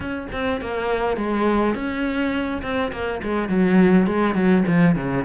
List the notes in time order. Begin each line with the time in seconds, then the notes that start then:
0.00 C#4
0.32 C4
0.61 A#3
1.17 G#3
1.74 C#4
2.62 C4
2.92 A#3
3.23 G#3
3.48 F#3
4.06 G#3
4.34 F#3
4.67 F3
4.95 C#3